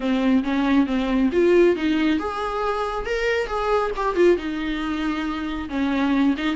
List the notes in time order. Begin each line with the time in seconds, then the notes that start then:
0.00 C4
0.43 C#4
0.86 C4
1.32 F4
1.76 D#4
2.19 G#4
3.05 A#4
3.46 G#4
3.96 G4
4.15 F4
4.37 D#4
5.69 C#4
6.37 D#4